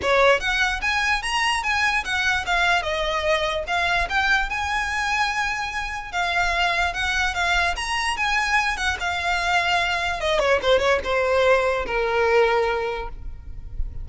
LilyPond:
\new Staff \with { instrumentName = "violin" } { \time 4/4 \tempo 4 = 147 cis''4 fis''4 gis''4 ais''4 | gis''4 fis''4 f''4 dis''4~ | dis''4 f''4 g''4 gis''4~ | gis''2. f''4~ |
f''4 fis''4 f''4 ais''4 | gis''4. fis''8 f''2~ | f''4 dis''8 cis''8 c''8 cis''8 c''4~ | c''4 ais'2. | }